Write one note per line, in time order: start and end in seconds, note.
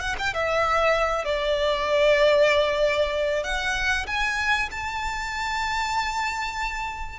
0.00 0.16 F#5
0.19 0.34 G5
0.34 1.25 E5
1.25 3.43 D5
3.44 4.06 F#5
4.07 4.70 G#5
4.71 7.20 A5